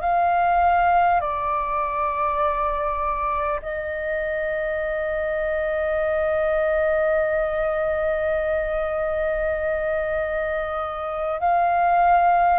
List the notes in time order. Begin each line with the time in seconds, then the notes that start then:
0.00 F5
1.20 D5
3.62 D#5
11.39 F5